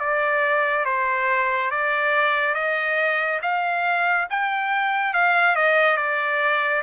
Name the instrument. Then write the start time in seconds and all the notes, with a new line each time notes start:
trumpet
0.00 D5
0.85 C5
1.71 D5
2.55 D#5
3.42 F5
4.30 G5
5.14 F5
5.56 D#5
5.97 D5